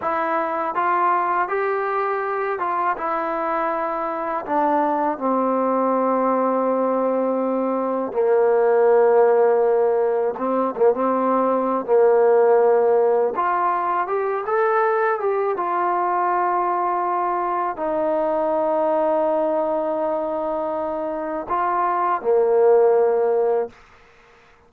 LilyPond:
\new Staff \with { instrumentName = "trombone" } { \time 4/4 \tempo 4 = 81 e'4 f'4 g'4. f'8 | e'2 d'4 c'4~ | c'2. ais4~ | ais2 c'8 ais16 c'4~ c'16 |
ais2 f'4 g'8 a'8~ | a'8 g'8 f'2. | dis'1~ | dis'4 f'4 ais2 | }